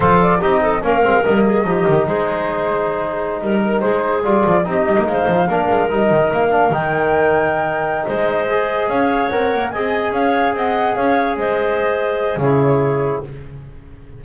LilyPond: <<
  \new Staff \with { instrumentName = "flute" } { \time 4/4 \tempo 4 = 145 c''8 d''8 dis''4 f''4 dis''4~ | dis''4 c''2.~ | c''16 ais'4 c''4 d''4 dis''8.~ | dis''16 f''2 dis''4 f''8.~ |
f''16 g''2.~ g''16 dis''8~ | dis''4. f''4 fis''4 gis''8~ | gis''8 f''4 fis''4 f''4 dis''8~ | dis''2 cis''2 | }
  \new Staff \with { instrumentName = "clarinet" } { \time 4/4 a'4 g'8 a'8 ais'4. gis'8 | g'4 gis'2.~ | gis'16 ais'4 gis'2 g'8.~ | g'16 c''4 ais'2~ ais'8.~ |
ais'2.~ ais'8 c''8~ | c''4. cis''2 dis''8~ | dis''8 cis''4 dis''4 cis''4 c''8~ | c''2 gis'2 | }
  \new Staff \with { instrumentName = "trombone" } { \time 4/4 f'4 dis'4 cis'8 c'8 ais4 | dis'1~ | dis'2~ dis'16 f'4 dis'8.~ | dis'4~ dis'16 d'4 dis'4. d'16~ |
d'16 dis'2.~ dis'8.~ | dis'8 gis'2 ais'4 gis'8~ | gis'1~ | gis'2 e'2 | }
  \new Staff \with { instrumentName = "double bass" } { \time 4/4 f4 c'4 ais8 gis8 g4 | f8 dis8 gis2.~ | gis16 g4 gis4 g8 f8 c'8 g16 | ais16 gis8 f8 ais8 gis8 g8 dis8 ais8.~ |
ais16 dis2.~ dis16 gis8~ | gis4. cis'4 c'8 ais8 c'8~ | c'8 cis'4 c'4 cis'4 gis8~ | gis2 cis2 | }
>>